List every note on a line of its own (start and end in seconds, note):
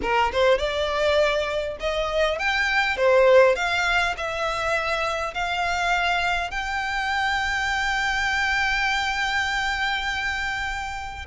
0.02 0.31 A#4
0.32 0.58 C5
0.58 1.77 D5
1.80 2.38 D#5
2.38 2.96 G5
2.96 3.55 C5
3.55 4.15 F5
4.17 5.34 E5
5.34 6.50 F5
6.50 11.26 G5